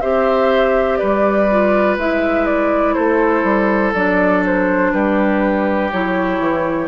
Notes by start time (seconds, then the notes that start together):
0.00 C4 G4 C5 E5
0.97 G3 B4 D5
1.50 F4
1.97 G#3 E4 E5
2.45 D5
2.94 A3 A4 C5
3.43 G3
3.93 F#3 D4 D5
4.45 C5
4.92 G3 G4 B4
5.91 F#3 E4 C#5
6.39 E3